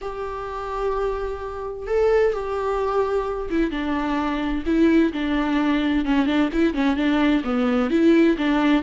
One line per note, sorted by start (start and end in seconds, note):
0.01 1.86 G4
1.86 2.33 A4
2.33 3.49 G4
3.50 3.70 E4
3.70 4.63 D4
4.66 5.12 E4
5.12 6.05 D4
6.05 6.26 C#4
6.26 6.49 D4
6.52 6.73 E4
6.73 6.96 C#4
6.96 7.42 D4
7.43 7.90 B3
7.90 8.36 E4
8.37 8.82 D4